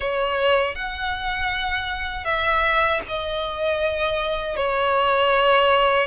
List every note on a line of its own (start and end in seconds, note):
0.00 0.75 C#5
0.75 2.24 F#5
2.24 3.00 E5
3.08 4.56 D#5
4.56 6.07 C#5